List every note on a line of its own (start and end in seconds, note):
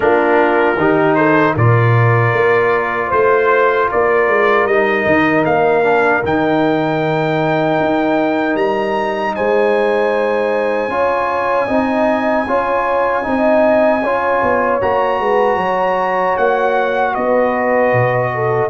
0.00 0.76 A#3
0.00 0.75 D4
0.00 0.78 F4
0.00 1.15 A#4
0.76 1.54 D#3
0.76 1.57 D#4
0.76 1.17 G4
1.15 1.53 A4
1.15 1.54 C5
1.53 2.33 A#2
1.53 4.69 F4
1.53 3.07 A#4
1.53 3.11 D5
2.33 3.11 A#3
3.07 3.89 A3
3.07 3.85 C5
3.07 3.89 C5
3.91 4.28 A#3
3.91 9.35 A#4
3.91 4.66 D5
4.28 4.65 G#3
4.65 5.04 G3
4.65 5.83 D#4
4.65 5.44 D#5
5.06 5.44 D#3
5.45 6.23 A#3
5.45 6.23 F5
5.83 6.22 D4
6.23 7.79 D#3
6.23 10.90 D#4
6.23 8.56 G5
7.80 8.54 D#4
8.54 9.32 G3
8.54 9.34 A#5
9.35 10.87 G#3
9.35 10.90 C5
9.35 14.80 G#5
10.87 11.65 C#4
10.87 11.68 F4
10.87 11.67 C#5
11.67 12.46 C4
11.67 12.46 D#4
11.67 12.45 D#5
12.47 13.25 C#4
12.47 13.22 F4
12.47 13.25 C#5
13.22 14.03 C4
13.22 14.00 D#4
13.22 14.04 D#5
14.03 14.42 C#4
14.03 14.81 F4
14.03 15.20 C#5
14.42 14.81 B3
14.81 15.19 A#3
14.81 18.70 F#4
14.81 16.37 A#5
15.19 15.56 G#3
15.19 15.57 B4
15.56 16.34 F#3
15.56 17.12 C#5
16.37 17.15 A#3
16.37 17.14 F#5
17.14 17.92 B3
17.14 18.31 B4
17.14 18.70 D#5
17.92 18.70 B2
18.33 18.70 A4